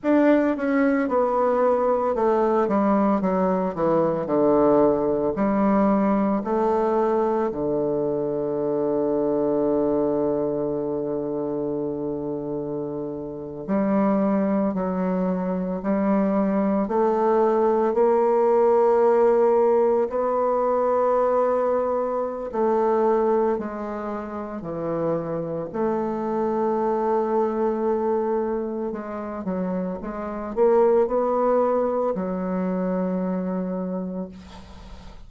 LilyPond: \new Staff \with { instrumentName = "bassoon" } { \time 4/4 \tempo 4 = 56 d'8 cis'8 b4 a8 g8 fis8 e8 | d4 g4 a4 d4~ | d1~ | d8. g4 fis4 g4 a16~ |
a8. ais2 b4~ b16~ | b4 a4 gis4 e4 | a2. gis8 fis8 | gis8 ais8 b4 fis2 | }